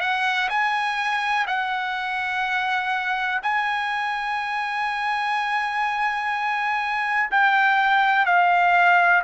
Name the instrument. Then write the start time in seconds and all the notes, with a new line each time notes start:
trumpet
0.00 F#5
0.49 G#5
1.47 F#5
3.43 G#5
7.31 G5
8.26 F5